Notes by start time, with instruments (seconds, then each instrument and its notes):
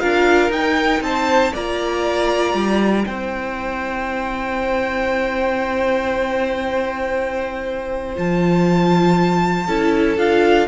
0.00 cello D4, viola F4, violin A#4 F5
0.49 cello D#4, viola D#4, violin G5
1.01 cello C4, violin C5 A5
1.53 cello A#3, viola F4, violin D5 A#5
2.54 cello G3
3.05 cello C4, viola E4, violin C5 G5
8.15 cello F3, viola F4, violin A5
9.67 cello C#4, viola E4, violin A4
10.18 cello D4, viola F4, violin F5